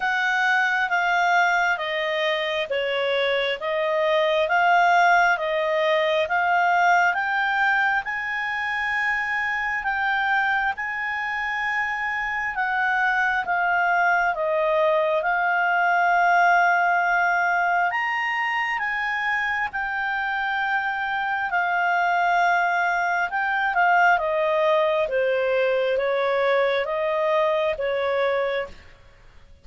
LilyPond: \new Staff \with { instrumentName = "clarinet" } { \time 4/4 \tempo 4 = 67 fis''4 f''4 dis''4 cis''4 | dis''4 f''4 dis''4 f''4 | g''4 gis''2 g''4 | gis''2 fis''4 f''4 |
dis''4 f''2. | ais''4 gis''4 g''2 | f''2 g''8 f''8 dis''4 | c''4 cis''4 dis''4 cis''4 | }